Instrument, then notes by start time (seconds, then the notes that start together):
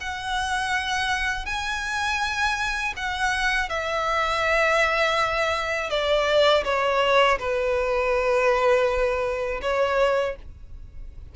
violin
0.00 F#5
1.45 G#5
2.96 F#5
3.69 E5
5.90 D5
6.64 C#5
7.38 B4
9.61 C#5